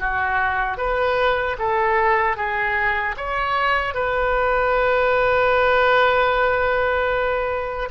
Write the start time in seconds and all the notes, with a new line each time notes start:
0.00 F#4
0.78 B4
1.59 A4
2.37 G#4
3.17 C#5
3.95 B4